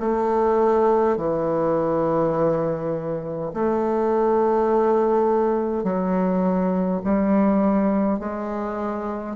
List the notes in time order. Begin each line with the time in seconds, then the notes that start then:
0.00 A3
1.17 E3
3.53 A3
5.83 F#3
7.04 G3
8.19 G#3